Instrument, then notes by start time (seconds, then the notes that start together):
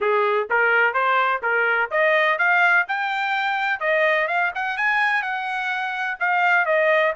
trumpet
0.00 G#4
0.49 A#4
0.93 C5
1.42 A#4
1.90 D#5
2.38 F5
2.87 G5
3.79 D#5
4.27 F5
4.54 F#5
4.77 G#5
5.22 F#5
6.19 F5
6.65 D#5